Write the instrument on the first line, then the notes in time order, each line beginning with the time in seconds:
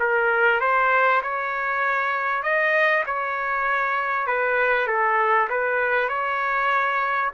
trumpet
0.00 A#4
0.61 C5
1.23 C#5
2.43 D#5
3.06 C#5
4.27 B4
4.88 A4
5.50 B4
6.09 C#5